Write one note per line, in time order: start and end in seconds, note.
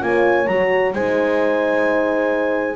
0.00 0.47 A#3
0.00 0.46 F4
0.00 0.95 C#5
0.00 0.47 G#5
0.47 0.93 F#3
0.47 0.96 F#4
0.47 0.93 A#5
0.93 2.76 G#3
0.93 2.76 D#4
0.93 2.76 C5
0.93 2.76 G#5